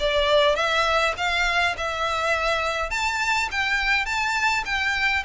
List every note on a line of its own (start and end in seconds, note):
0.00 0.56 D5
0.56 1.14 E5
1.18 1.76 F5
1.77 2.91 E5
2.91 3.49 A5
3.52 4.06 G5
4.06 4.64 A5
4.65 5.24 G5